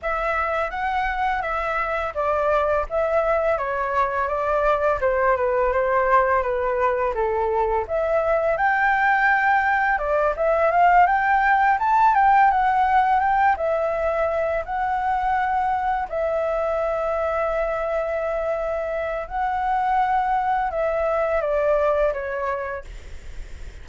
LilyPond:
\new Staff \with { instrumentName = "flute" } { \time 4/4 \tempo 4 = 84 e''4 fis''4 e''4 d''4 | e''4 cis''4 d''4 c''8 b'8 | c''4 b'4 a'4 e''4 | g''2 d''8 e''8 f''8 g''8~ |
g''8 a''8 g''8 fis''4 g''8 e''4~ | e''8 fis''2 e''4.~ | e''2. fis''4~ | fis''4 e''4 d''4 cis''4 | }